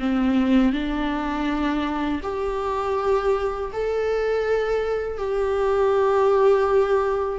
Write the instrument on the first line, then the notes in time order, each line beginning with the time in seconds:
viola
0.00 C4
0.73 D4
2.24 G4
3.73 A4
5.18 G4